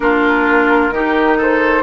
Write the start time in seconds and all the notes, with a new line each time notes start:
0.00 A#3 D4 F4 A#4
0.90 D#3 D#4 G4
1.37 A4 C5